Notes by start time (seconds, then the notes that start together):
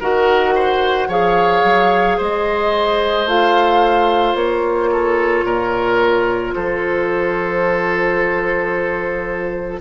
0.00 D#3 F#4 A#4 F#5
0.55 C5
1.08 F3 G#4 C#5 F5
1.64 F#3
2.18 G#3 C5 D#5
3.26 A3 F4 F5
4.35 A#3 C#5
4.92 A4
5.44 A#2 A#4
6.55 F3 A4 C5